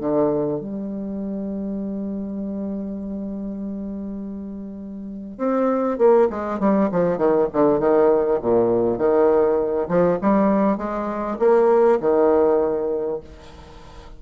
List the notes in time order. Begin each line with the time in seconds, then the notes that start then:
0.00 D3
0.60 G3
5.38 C4
5.98 A#3
6.30 G#3
6.59 G3
6.92 F3
7.18 D#3
7.52 D3
7.79 D#3
8.42 A#2
8.98 D#3
9.88 F3
10.22 G3
10.77 G#3
11.39 A#3
12.00 D#3